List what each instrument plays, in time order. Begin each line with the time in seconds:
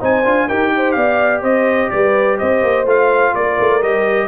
0.00 tuba C4, trombone D#4, horn C5, trumpet G#5
0.25 tuba D4, trombone F4
0.47 tuba D#4, trombone G4, horn A#4, trumpet G5
0.76 horn C5
0.92 tuba B3, horn D5, trumpet F5
1.42 tuba C4, horn C5, trumpet D#5
1.90 tuba G3, horn B4, trumpet D5
2.38 tuba C4, horn C5, trumpet D#5
2.62 tuba A#3
2.85 tuba A3, trombone F4, trumpet F5
3.35 tuba A#3, horn A#4, trumpet D5
3.59 tuba A3
3.82 tuba G3, trombone G4, trumpet D#5